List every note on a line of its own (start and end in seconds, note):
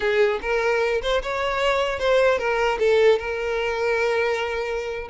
0.00 0.40 G#4
0.41 1.01 A#4
1.02 1.22 C5
1.22 1.99 C#5
1.99 2.38 C5
2.38 2.78 A#4
2.79 3.18 A4
3.18 5.08 A#4